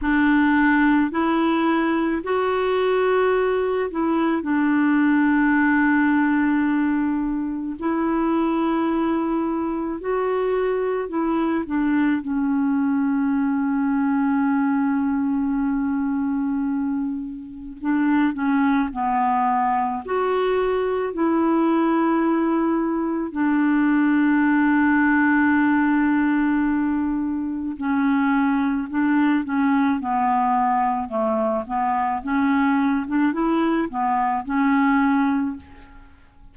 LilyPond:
\new Staff \with { instrumentName = "clarinet" } { \time 4/4 \tempo 4 = 54 d'4 e'4 fis'4. e'8 | d'2. e'4~ | e'4 fis'4 e'8 d'8 cis'4~ | cis'1 |
d'8 cis'8 b4 fis'4 e'4~ | e'4 d'2.~ | d'4 cis'4 d'8 cis'8 b4 | a8 b8 cis'8. d'16 e'8 b8 cis'4 | }